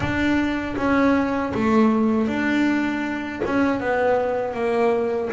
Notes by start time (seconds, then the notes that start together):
0.00 D4
0.76 C#4
1.54 A3
2.28 D4
3.45 C#4
3.80 B3
4.54 A#3